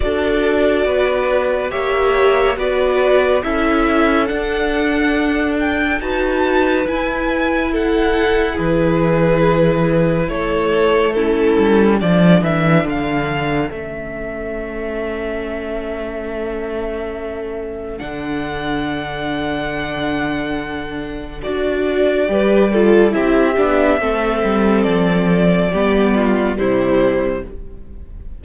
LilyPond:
<<
  \new Staff \with { instrumentName = "violin" } { \time 4/4 \tempo 4 = 70 d''2 e''4 d''4 | e''4 fis''4. g''8 a''4 | gis''4 fis''4 b'2 | cis''4 a'4 d''8 e''8 f''4 |
e''1~ | e''4 fis''2.~ | fis''4 d''2 e''4~ | e''4 d''2 c''4 | }
  \new Staff \with { instrumentName = "violin" } { \time 4/4 a'4 b'4 cis''4 b'4 | a'2. b'4~ | b'4 a'4 gis'2 | a'4 e'4 a'2~ |
a'1~ | a'1~ | a'2 b'8 a'8 g'4 | a'2 g'8 f'8 e'4 | }
  \new Staff \with { instrumentName = "viola" } { \time 4/4 fis'2 g'4 fis'4 | e'4 d'2 fis'4 | e'1~ | e'4 cis'4 d'2 |
cis'1~ | cis'4 d'2.~ | d'4 fis'4 g'8 f'8 e'8 d'8 | c'2 b4 g4 | }
  \new Staff \with { instrumentName = "cello" } { \time 4/4 d'4 b4 ais4 b4 | cis'4 d'2 dis'4 | e'2 e2 | a4. g8 f8 e8 d4 |
a1~ | a4 d2.~ | d4 d'4 g4 c'8 b8 | a8 g8 f4 g4 c4 | }
>>